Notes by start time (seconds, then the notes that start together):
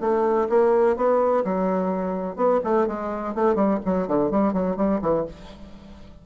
0.00 A3
0.49 A#3
0.96 B3
1.44 F#3
2.36 B3
2.64 A3
2.87 G#3
3.34 A3
3.55 G3
3.85 F#3
4.07 D3
4.30 G3
4.53 F#3
4.76 G3
5.01 E3